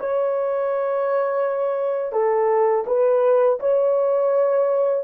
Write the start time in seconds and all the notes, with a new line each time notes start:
0.00 C#5
2.13 A4
2.87 B4
3.60 C#5